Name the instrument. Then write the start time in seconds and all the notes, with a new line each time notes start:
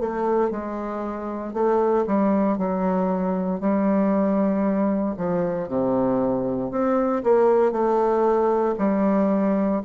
bassoon
0.00 A3
0.51 G#3
1.54 A3
2.07 G3
2.58 F#3
3.61 G3
5.17 F3
5.68 C3
6.71 C4
7.24 A#3
7.72 A3
8.78 G3